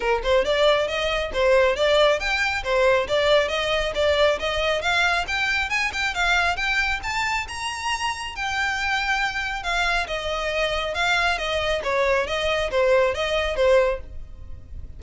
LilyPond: \new Staff \with { instrumentName = "violin" } { \time 4/4 \tempo 4 = 137 ais'8 c''8 d''4 dis''4 c''4 | d''4 g''4 c''4 d''4 | dis''4 d''4 dis''4 f''4 | g''4 gis''8 g''8 f''4 g''4 |
a''4 ais''2 g''4~ | g''2 f''4 dis''4~ | dis''4 f''4 dis''4 cis''4 | dis''4 c''4 dis''4 c''4 | }